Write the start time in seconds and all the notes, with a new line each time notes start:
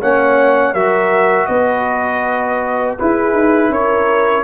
0.00 A#3 C#4 C#5 F#5
0.73 F#3 F#4 A#4 E5
1.46 B3 B4 D#5
2.98 E4 G#4 B4
3.33 D#4
3.69 C#4 A#4 C#5